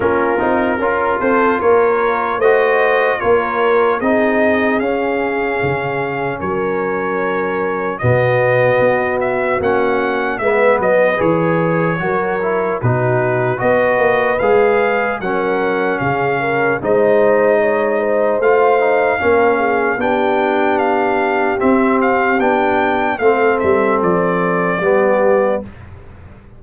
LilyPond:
<<
  \new Staff \with { instrumentName = "trumpet" } { \time 4/4 \tempo 4 = 75 ais'4. c''8 cis''4 dis''4 | cis''4 dis''4 f''2 | cis''2 dis''4. e''8 | fis''4 e''8 dis''8 cis''2 |
b'4 dis''4 f''4 fis''4 | f''4 dis''2 f''4~ | f''4 g''4 f''4 e''8 f''8 | g''4 f''8 e''8 d''2 | }
  \new Staff \with { instrumentName = "horn" } { \time 4/4 f'4 ais'8 a'8 ais'4 c''4 | ais'4 gis'2. | ais'2 fis'2~ | fis'4 b'2 ais'4 |
fis'4 b'2 ais'4 | gis'8 ais'8 c''4 cis''8 c''4. | ais'8 gis'8 g'2.~ | g'4 a'2 g'4 | }
  \new Staff \with { instrumentName = "trombone" } { \time 4/4 cis'8 dis'8 f'2 fis'4 | f'4 dis'4 cis'2~ | cis'2 b2 | cis'4 b4 gis'4 fis'8 e'8 |
dis'4 fis'4 gis'4 cis'4~ | cis'4 dis'2 f'8 dis'8 | cis'4 d'2 c'4 | d'4 c'2 b4 | }
  \new Staff \with { instrumentName = "tuba" } { \time 4/4 ais8 c'8 cis'8 c'8 ais4 a4 | ais4 c'4 cis'4 cis4 | fis2 b,4 b4 | ais4 gis8 fis8 e4 fis4 |
b,4 b8 ais8 gis4 fis4 | cis4 gis2 a4 | ais4 b2 c'4 | b4 a8 g8 f4 g4 | }
>>